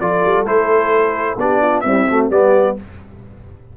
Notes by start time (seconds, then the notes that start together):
0.00 F3 F4 A4 D5
0.24 G3
0.44 A3 E4 C5
1.36 B3 D4 G4 D5
1.61 F4
1.80 G3 C4 E5
1.87 E4
2.08 A3 F#4
2.29 G3 B3 G4 D5